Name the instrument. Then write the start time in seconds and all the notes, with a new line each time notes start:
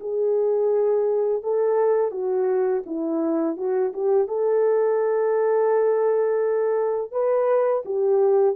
horn
0.00 G#4
1.43 A4
2.11 F#4
2.86 E4
3.56 F#4
3.93 G4
4.27 A4
7.11 B4
7.85 G4